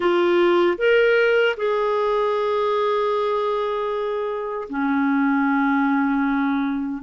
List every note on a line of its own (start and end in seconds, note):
0.00 0.77 F4
0.78 1.55 A#4
1.57 4.68 G#4
4.69 7.02 C#4